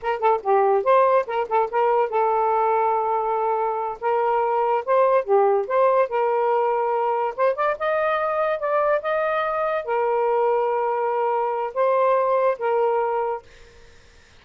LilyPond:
\new Staff \with { instrumentName = "saxophone" } { \time 4/4 \tempo 4 = 143 ais'8 a'8 g'4 c''4 ais'8 a'8 | ais'4 a'2.~ | a'4. ais'2 c''8~ | c''8 g'4 c''4 ais'4.~ |
ais'4. c''8 d''8 dis''4.~ | dis''8 d''4 dis''2 ais'8~ | ais'1 | c''2 ais'2 | }